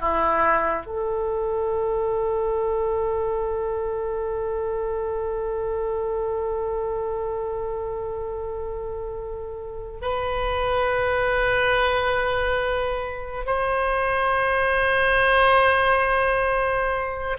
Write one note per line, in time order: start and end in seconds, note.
0.00 0.86 E4
0.86 9.99 A4
10.02 13.46 B4
13.46 17.37 C5